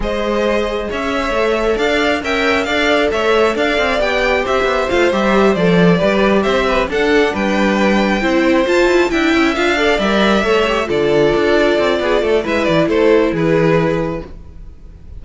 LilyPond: <<
  \new Staff \with { instrumentName = "violin" } { \time 4/4 \tempo 4 = 135 dis''2 e''2 | f''4 g''4 f''4 e''4 | f''4 g''4 e''4 f''8 e''8~ | e''8 d''2 e''4 fis''8~ |
fis''8 g''2. a''8~ | a''8 g''4 f''4 e''4.~ | e''8 d''2.~ d''8 | e''8 d''8 c''4 b'2 | }
  \new Staff \with { instrumentName = "violin" } { \time 4/4 c''2 cis''2 | d''4 e''4 d''4 cis''4 | d''2 c''2~ | c''4. b'4 c''8 b'8 a'8~ |
a'8 b'2 c''4.~ | c''8 e''4. d''4. cis''8~ | cis''8 a'2~ a'8 gis'8 a'8 | b'4 a'4 gis'2 | }
  \new Staff \with { instrumentName = "viola" } { \time 4/4 gis'2. a'4~ | a'4 ais'4 a'2~ | a'4 g'2 f'8 g'8~ | g'8 a'4 g'2 d'8~ |
d'2~ d'8 e'4 f'8~ | f'8 e'4 f'8 a'8 ais'4 a'8 | g'8 f'2.~ f'8 | e'1 | }
  \new Staff \with { instrumentName = "cello" } { \time 4/4 gis2 cis'4 a4 | d'4 cis'4 d'4 a4 | d'8 c'8 b4 c'8 b8 a8 g8~ | g8 f4 g4 c'4 d'8~ |
d'8 g2 c'4 f'8 | e'8 d'8 cis'8 d'4 g4 a8~ | a8 d4 d'4 c'8 b8 a8 | gis8 e8 a4 e2 | }
>>